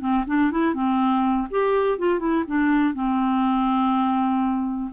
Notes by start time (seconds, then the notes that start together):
0.00 C4
0.27 D4
0.51 E4
0.74 C4
1.50 G4
1.99 F4
2.19 E4
2.47 D4
2.94 C4